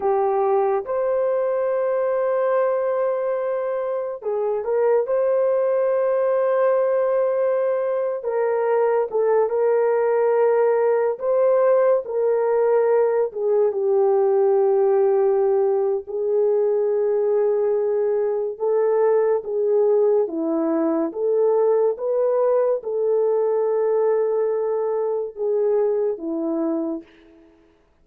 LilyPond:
\new Staff \with { instrumentName = "horn" } { \time 4/4 \tempo 4 = 71 g'4 c''2.~ | c''4 gis'8 ais'8 c''2~ | c''4.~ c''16 ais'4 a'8 ais'8.~ | ais'4~ ais'16 c''4 ais'4. gis'16~ |
gis'16 g'2~ g'8. gis'4~ | gis'2 a'4 gis'4 | e'4 a'4 b'4 a'4~ | a'2 gis'4 e'4 | }